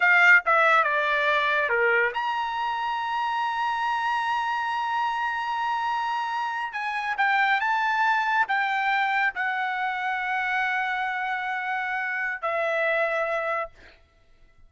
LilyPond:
\new Staff \with { instrumentName = "trumpet" } { \time 4/4 \tempo 4 = 140 f''4 e''4 d''2 | ais'4 ais''2.~ | ais''1~ | ais''2.~ ais''8. gis''16~ |
gis''8. g''4 a''2 g''16~ | g''4.~ g''16 fis''2~ fis''16~ | fis''1~ | fis''4 e''2. | }